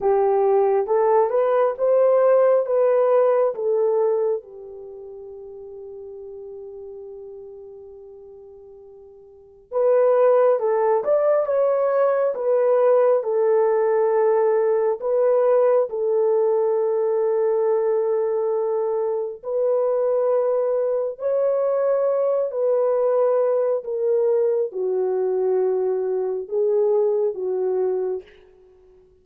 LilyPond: \new Staff \with { instrumentName = "horn" } { \time 4/4 \tempo 4 = 68 g'4 a'8 b'8 c''4 b'4 | a'4 g'2.~ | g'2. b'4 | a'8 d''8 cis''4 b'4 a'4~ |
a'4 b'4 a'2~ | a'2 b'2 | cis''4. b'4. ais'4 | fis'2 gis'4 fis'4 | }